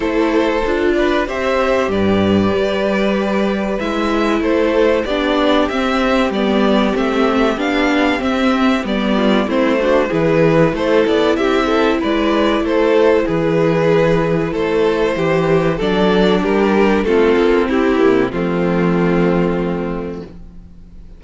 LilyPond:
<<
  \new Staff \with { instrumentName = "violin" } { \time 4/4 \tempo 4 = 95 c''4. d''8 e''4 d''4~ | d''2 e''4 c''4 | d''4 e''4 d''4 e''4 | f''4 e''4 d''4 c''4 |
b'4 c''8 d''8 e''4 d''4 | c''4 b'2 c''4~ | c''4 d''4 ais'4 a'4 | g'4 f'2. | }
  \new Staff \with { instrumentName = "violin" } { \time 4/4 a'4. b'8 c''4 b'4~ | b'2. a'4 | g'1~ | g'2~ g'8 f'8 e'8 fis'8 |
gis'4 a'4 g'8 a'8 b'4 | a'4 gis'2 a'4 | g'4 a'4 g'4 f'4 | e'4 c'2. | }
  \new Staff \with { instrumentName = "viola" } { \time 4/4 e'4 f'4 g'2~ | g'2 e'2 | d'4 c'4 b4 c'4 | d'4 c'4 b4 c'8 d'8 |
e'1~ | e'1~ | e'4 d'2 c'4~ | c'8 ais8 a2. | }
  \new Staff \with { instrumentName = "cello" } { \time 4/4 a4 d'4 c'4 g,4 | g2 gis4 a4 | b4 c'4 g4 a4 | b4 c'4 g4 a4 |
e4 a8 b8 c'4 gis4 | a4 e2 a4 | e4 fis4 g4 a8 ais8 | c'8 c8 f2. | }
>>